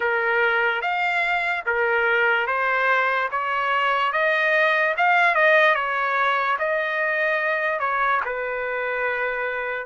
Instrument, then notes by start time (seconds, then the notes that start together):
trumpet
0.00 A#4
0.81 F5
1.66 A#4
2.47 C5
3.31 C#5
4.12 D#5
4.97 F5
5.34 D#5
5.75 C#5
6.59 D#5
7.79 C#5
8.25 B4